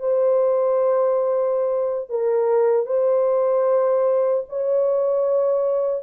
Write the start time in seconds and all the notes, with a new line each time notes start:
0.00 C5
2.10 A#4
2.86 C5
4.49 C#5